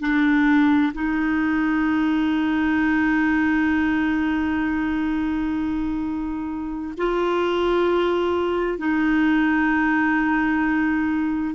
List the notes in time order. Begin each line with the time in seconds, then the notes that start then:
0.00 D4
0.94 D#4
6.97 F4
8.78 D#4